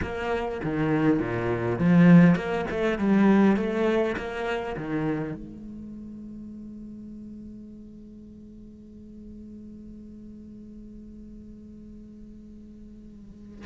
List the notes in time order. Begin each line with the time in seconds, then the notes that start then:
0.01 A#3
0.63 D#3
1.19 A#2
1.78 F3
2.35 A#3
2.70 A3
2.98 G3
3.56 A3
4.16 A#3
4.76 D#3
5.34 G#3